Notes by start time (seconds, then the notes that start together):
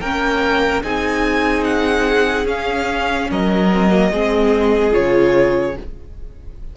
0.00 A#3 C#4 A#4 G5
0.83 C4 D#4 G#4 G#5
1.64 F#5
2.45 C#4 F5
3.30 F#3 A#4 D#5
3.72 C4
3.90 A#3
4.11 G#3 C4 G#4
4.91 C#3 F4 C#5